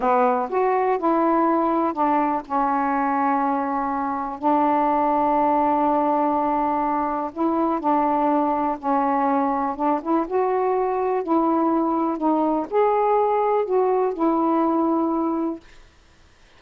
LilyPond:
\new Staff \with { instrumentName = "saxophone" } { \time 4/4 \tempo 4 = 123 b4 fis'4 e'2 | d'4 cis'2.~ | cis'4 d'2.~ | d'2. e'4 |
d'2 cis'2 | d'8 e'8 fis'2 e'4~ | e'4 dis'4 gis'2 | fis'4 e'2. | }